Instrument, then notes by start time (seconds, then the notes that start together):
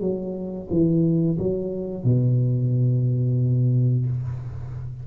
tuba
0.00 F#3
0.70 E3
1.38 F#3
2.03 B2